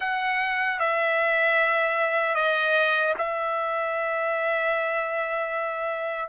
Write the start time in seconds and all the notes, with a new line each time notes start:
0.00 F#5
0.79 E5
2.35 D#5
3.18 E5